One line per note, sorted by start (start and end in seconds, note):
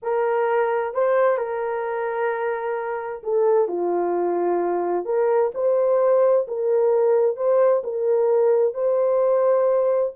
0.02 0.93 A#4
0.93 1.37 C5
1.37 3.22 A#4
3.23 3.68 A4
3.68 5.05 F4
5.05 5.51 A#4
5.54 6.46 C5
6.47 7.36 A#4
7.36 7.82 C5
7.83 8.74 A#4
8.74 10.12 C5